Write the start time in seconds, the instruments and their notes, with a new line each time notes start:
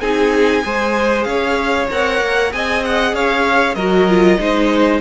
0.00 cello C4, viola D#4, violin G#4 G#5
0.62 cello G#3, viola G#4, violin C5
1.23 cello C#4, violin C#5 F5
1.90 cello C4, viola A#4, violin F#5
2.20 cello A#3
2.51 cello C4, viola G#4, violin D#5 G#5
2.84 violin F#5
3.12 cello C#4, violin C#5 F5
3.74 cello F#3, viola F#4, violin A#4 D#5
4.08 viola F4
4.38 cello G#3, viola D#4, violin C5